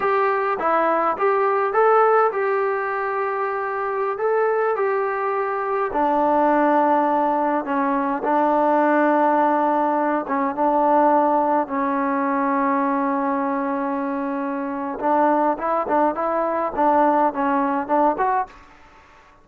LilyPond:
\new Staff \with { instrumentName = "trombone" } { \time 4/4 \tempo 4 = 104 g'4 e'4 g'4 a'4 | g'2.~ g'16 a'8.~ | a'16 g'2 d'4.~ d'16~ | d'4~ d'16 cis'4 d'4.~ d'16~ |
d'4.~ d'16 cis'8 d'4.~ d'16~ | d'16 cis'2.~ cis'8.~ | cis'2 d'4 e'8 d'8 | e'4 d'4 cis'4 d'8 fis'8 | }